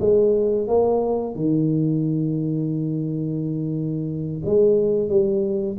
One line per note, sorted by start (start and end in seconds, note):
0.00 0.68 G#3
0.68 1.35 A#3
1.35 4.42 D#3
4.45 5.09 G#3
5.09 5.77 G3